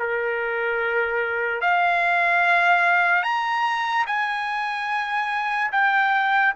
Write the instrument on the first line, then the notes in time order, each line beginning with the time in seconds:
trumpet
0.00 A#4
1.62 F5
3.24 A#5
4.07 G#5
5.72 G5